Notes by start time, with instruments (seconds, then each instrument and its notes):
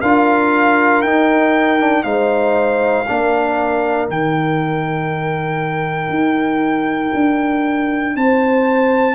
0.00 tuba D4, trombone F4, horn A#4, trumpet F5
1.01 tuba D#4, trombone D#4, trumpet G5
1.79 trombone D4
2.03 tuba G#3, trombone D#4, horn C5, trumpet F5
3.06 tuba A#3, trombone D4, horn A#4
4.08 tuba D#3, trombone D#4, trumpet G5
6.09 tuba D#4
7.14 tuba D4
8.15 tuba C4, horn C5, trumpet A5